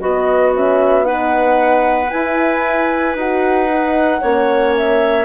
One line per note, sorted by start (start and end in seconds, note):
0.00 2.12 B3
0.00 0.54 B3
0.00 1.05 F#4
0.00 0.53 D#5
0.54 1.04 C#4
0.54 1.05 E5
1.04 2.09 D#4
1.04 4.21 B4
1.04 2.10 F#5
2.10 3.16 E4
2.10 3.15 G#5
3.16 4.21 D#4
3.16 3.70 F#4
3.16 4.76 F#5
3.70 4.22 D#4
4.21 5.25 A#3
4.21 5.25 C#4
4.21 5.25 C#5
4.77 5.25 E5